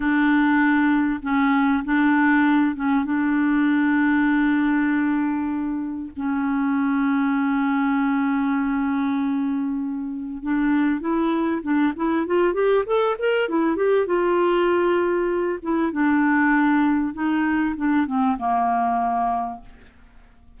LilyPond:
\new Staff \with { instrumentName = "clarinet" } { \time 4/4 \tempo 4 = 98 d'2 cis'4 d'4~ | d'8 cis'8 d'2.~ | d'2 cis'2~ | cis'1~ |
cis'4 d'4 e'4 d'8 e'8 | f'8 g'8 a'8 ais'8 e'8 g'8 f'4~ | f'4. e'8 d'2 | dis'4 d'8 c'8 ais2 | }